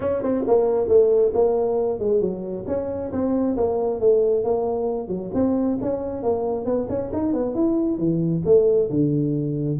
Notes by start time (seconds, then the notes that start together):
0.00 C#4
0.22 C4
0.47 A#3
0.88 A3
1.33 A#3
1.99 G#3
2.21 F#3
2.67 C#4
3.12 C4
3.56 A#3
4.00 A3
4.43 A#3
5.08 F#3
5.33 C4
5.81 C#4
6.22 A#3
6.65 B3
6.89 C#4
7.12 D#4
7.33 B3
7.54 E4
7.98 E3
8.45 A3
8.90 D3